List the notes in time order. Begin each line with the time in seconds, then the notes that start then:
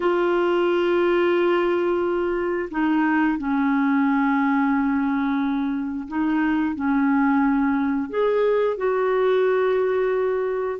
0.00 F4
2.70 D#4
3.37 C#4
6.08 D#4
6.75 C#4
8.09 G#4
8.77 F#4